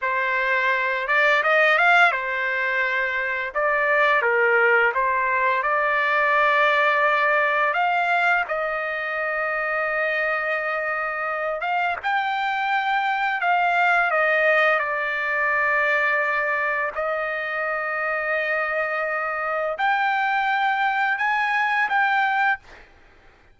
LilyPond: \new Staff \with { instrumentName = "trumpet" } { \time 4/4 \tempo 4 = 85 c''4. d''8 dis''8 f''8 c''4~ | c''4 d''4 ais'4 c''4 | d''2. f''4 | dis''1~ |
dis''8 f''8 g''2 f''4 | dis''4 d''2. | dis''1 | g''2 gis''4 g''4 | }